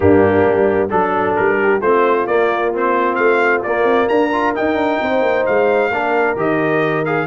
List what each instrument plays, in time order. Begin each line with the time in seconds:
0.00 tuba G2, trombone A#3, horn D4, trumpet G4
0.46 tuba G3
0.89 tuba F#3, trombone D4, trumpet A4, horn A4
1.36 tuba G3, trumpet A#4
1.62 horn G4
1.80 tuba A3, trombone C4, horn F4, trumpet C5
2.27 tuba A#3, trombone A#3, trumpet D5
2.73 trombone C4, trumpet C5
3.15 tuba A3, trumpet F5
3.62 tuba A#3, trombone A#3, trumpet D5
3.84 tuba C4
4.08 tuba D4, horn A#4, trumpet A#5
4.32 trombone F4
4.55 trombone D#4, tuba D#4, trumpet G5
4.75 tuba D4
5.01 tuba C4, horn C5
5.21 tuba A#3
5.46 tuba G#3, trumpet F5
5.90 tuba A#3, trombone D4, horn A#4
6.36 tuba D#3, trombone G4, trumpet D#5
7.05 trombone G#4, trumpet F5